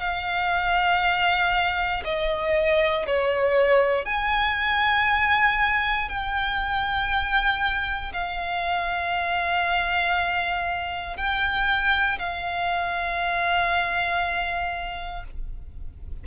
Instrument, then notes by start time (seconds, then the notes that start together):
violin
0.00 F5
2.05 D#5
3.07 C#5
4.06 G#5
6.09 G5
8.14 F5
11.17 G5
12.19 F5